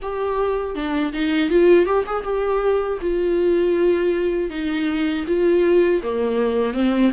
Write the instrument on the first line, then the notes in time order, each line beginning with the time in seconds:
viola
0.02 G4
0.75 D4
1.12 D#4
1.50 F4
1.85 G4
2.06 G#4
2.23 G4
3.01 F4
4.50 D#4
5.27 F4
6.02 A#3
6.73 C4